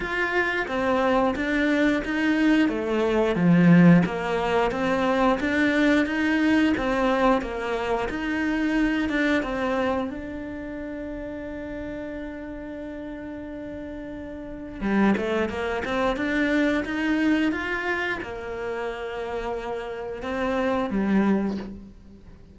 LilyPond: \new Staff \with { instrumentName = "cello" } { \time 4/4 \tempo 4 = 89 f'4 c'4 d'4 dis'4 | a4 f4 ais4 c'4 | d'4 dis'4 c'4 ais4 | dis'4. d'8 c'4 d'4~ |
d'1~ | d'2 g8 a8 ais8 c'8 | d'4 dis'4 f'4 ais4~ | ais2 c'4 g4 | }